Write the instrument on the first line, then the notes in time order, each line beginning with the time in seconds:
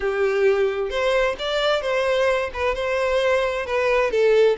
violin
0.00 G4
0.89 C5
1.38 D5
1.81 C5
2.53 B4
2.75 C5
3.66 B4
4.11 A4